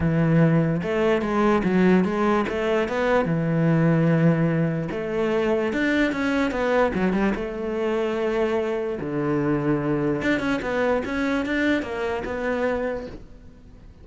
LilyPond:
\new Staff \with { instrumentName = "cello" } { \time 4/4 \tempo 4 = 147 e2 a4 gis4 | fis4 gis4 a4 b4 | e1 | a2 d'4 cis'4 |
b4 fis8 g8 a2~ | a2 d2~ | d4 d'8 cis'8 b4 cis'4 | d'4 ais4 b2 | }